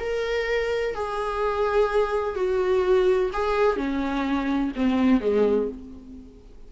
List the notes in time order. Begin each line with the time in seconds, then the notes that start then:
0.00 A#4
0.95 G#4
2.35 F#4
3.33 G#4
3.77 C#4
4.76 C4
5.21 G#3